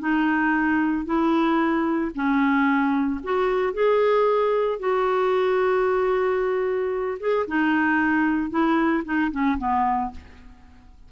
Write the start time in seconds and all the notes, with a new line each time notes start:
0.00 D#4
1.06 E4
2.15 C#4
3.24 F#4
3.74 G#4
4.80 F#4
7.20 G#4
7.48 D#4
8.51 E4
9.05 D#4
9.32 C#4
9.59 B3